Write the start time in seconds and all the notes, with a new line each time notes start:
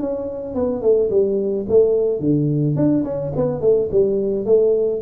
0.00 C#4
0.55 B3
0.82 A3
1.10 G3
1.69 A3
2.20 D3
2.76 D4
3.05 C#4
3.36 B3
3.61 A3
3.92 G3
4.46 A3